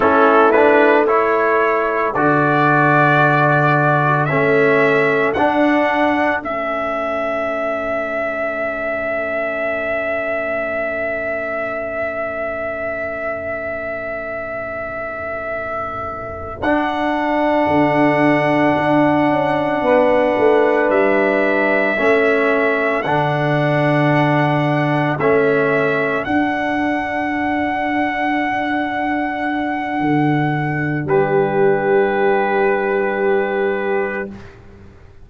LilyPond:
<<
  \new Staff \with { instrumentName = "trumpet" } { \time 4/4 \tempo 4 = 56 a'8 b'8 cis''4 d''2 | e''4 fis''4 e''2~ | e''1~ | e''2.~ e''8 fis''8~ |
fis''2.~ fis''8 e''8~ | e''4. fis''2 e''8~ | e''8 fis''2.~ fis''8~ | fis''4 b'2. | }
  \new Staff \with { instrumentName = "horn" } { \time 4/4 e'4 a'2.~ | a'1~ | a'1~ | a'1~ |
a'2~ a'8 b'4.~ | b'8 a'2.~ a'8~ | a'1~ | a'4 g'2. | }
  \new Staff \with { instrumentName = "trombone" } { \time 4/4 cis'8 d'8 e'4 fis'2 | cis'4 d'4 cis'2~ | cis'1~ | cis'2.~ cis'8 d'8~ |
d'1~ | d'8 cis'4 d'2 cis'8~ | cis'8 d'2.~ d'8~ | d'1 | }
  \new Staff \with { instrumentName = "tuba" } { \time 4/4 a2 d2 | a4 d'4 a2~ | a1~ | a2.~ a8 d'8~ |
d'8 d4 d'8 cis'8 b8 a8 g8~ | g8 a4 d2 a8~ | a8 d'2.~ d'8 | d4 g2. | }
>>